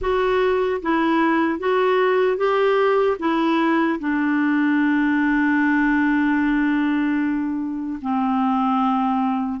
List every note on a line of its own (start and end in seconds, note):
0.01 0.81 F#4
0.81 1.59 E4
1.59 2.37 F#4
2.37 3.17 G4
3.19 3.99 E4
3.99 7.99 D4
8.01 9.60 C4